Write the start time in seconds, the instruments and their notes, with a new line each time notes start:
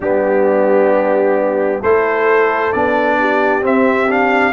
0.00 tuba G3, trombone B3, horn D4, trumpet G4
1.80 tuba A3, trombone E4, horn A4, trumpet C5
2.72 tuba B3, trombone D4, trumpet D5
3.20 horn G4
3.62 trombone C4, tuba C4, trumpet E5
4.08 trombone D4, trumpet F5